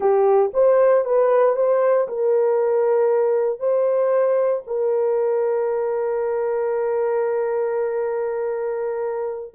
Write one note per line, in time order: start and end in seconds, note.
0.00 0.51 G4
0.53 1.04 C5
1.04 1.56 B4
1.56 2.07 C5
2.08 3.59 A#4
3.59 4.62 C5
4.67 9.54 A#4